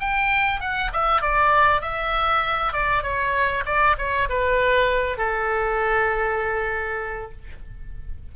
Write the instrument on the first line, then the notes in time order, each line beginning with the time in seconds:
oboe
0.00 G5
0.60 F#5
0.93 E5
1.22 D5
1.81 E5
2.73 D5
3.03 C#5
3.65 D5
3.98 C#5
4.29 B4
5.18 A4